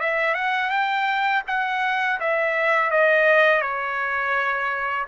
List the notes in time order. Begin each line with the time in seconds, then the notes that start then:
0.00 E5
0.35 F#5
0.70 G5
1.48 F#5
2.20 E5
2.91 D#5
3.62 C#5